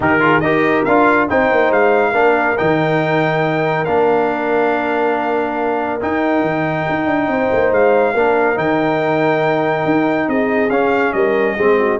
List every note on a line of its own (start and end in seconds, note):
0.00 0.41 D#3
0.00 0.19 D#4
0.00 0.22 G4
0.00 0.40 A#4
0.19 0.40 F4
0.19 0.43 G#4
0.40 0.84 D#4
0.40 0.86 G4
0.40 1.29 A#4
0.40 0.83 D#5
0.84 1.30 D4
0.84 1.29 F4
0.84 1.27 F5
1.29 1.51 C4
1.29 2.13 D#4
1.29 2.10 C5
1.29 1.72 G5
1.51 1.71 A#3
1.71 2.13 G#3
1.71 2.57 F5
2.10 2.56 A#3
2.10 2.56 D4
2.10 7.25 A#4
2.57 3.87 D#3
2.57 3.86 D#4
2.57 3.85 G5
3.85 6.01 A#3
3.85 6.00 D4
3.85 5.99 F5
6.00 8.15 D#4
6.00 6.41 D#4
6.00 7.73 G5
6.41 6.84 D#3
6.89 7.06 D#4
7.06 7.27 D4
7.27 7.49 C4
7.27 8.13 C5
7.52 7.71 A#3
7.71 8.14 G#3
7.71 8.58 F5
8.13 8.57 A#3
8.13 8.55 D4
8.13 10.27 A#4
8.55 9.85 D#3
8.55 10.69 D#4
8.55 10.29 G5
9.85 10.27 D#4
10.28 10.69 C4
10.28 11.14 G#4
10.28 10.70 D#5
10.69 11.12 C#4
10.69 11.57 C#4
10.69 11.12 F5
11.12 11.56 G3
11.12 11.56 A#4
11.12 11.98 D#5
11.56 11.99 G#3
11.56 11.99 C4
11.56 11.78 G#4
11.79 11.99 F#4